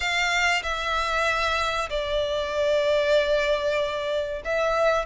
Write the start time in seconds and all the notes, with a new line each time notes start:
0.00 F5
0.63 E5
1.89 D5
4.44 E5